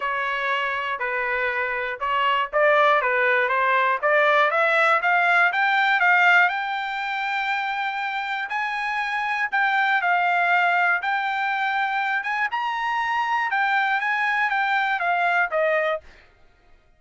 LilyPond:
\new Staff \with { instrumentName = "trumpet" } { \time 4/4 \tempo 4 = 120 cis''2 b'2 | cis''4 d''4 b'4 c''4 | d''4 e''4 f''4 g''4 | f''4 g''2.~ |
g''4 gis''2 g''4 | f''2 g''2~ | g''8 gis''8 ais''2 g''4 | gis''4 g''4 f''4 dis''4 | }